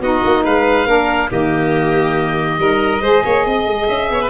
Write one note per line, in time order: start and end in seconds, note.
0.00 0.21 B3
0.00 0.87 D#4
0.00 0.44 F#4
0.00 0.45 D#5
0.25 0.46 A#3
0.44 0.86 G#3
0.44 0.86 B4
0.44 1.31 F5
0.86 1.29 A#3
0.86 1.28 D4
0.86 1.29 A#4
1.28 2.59 D#3
1.28 2.57 A#3
1.28 2.58 G4
1.28 3.87 D#5
2.59 3.01 G3
2.59 3.01 D#4
2.59 3.02 A#4
3.01 3.22 G#3
3.01 4.30 G#4
3.01 3.23 C5
3.25 3.46 A#3
3.25 3.46 C#5
3.46 3.66 C4
3.46 4.11 D#5
3.66 3.87 G#3
3.87 4.10 C#4
3.87 4.30 E5
4.10 4.30 B3
4.10 4.21 C#5
4.21 4.30 B4